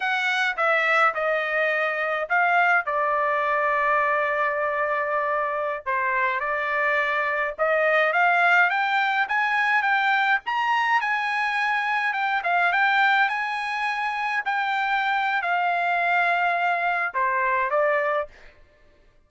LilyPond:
\new Staff \with { instrumentName = "trumpet" } { \time 4/4 \tempo 4 = 105 fis''4 e''4 dis''2 | f''4 d''2.~ | d''2~ d''16 c''4 d''8.~ | d''4~ d''16 dis''4 f''4 g''8.~ |
g''16 gis''4 g''4 ais''4 gis''8.~ | gis''4~ gis''16 g''8 f''8 g''4 gis''8.~ | gis''4~ gis''16 g''4.~ g''16 f''4~ | f''2 c''4 d''4 | }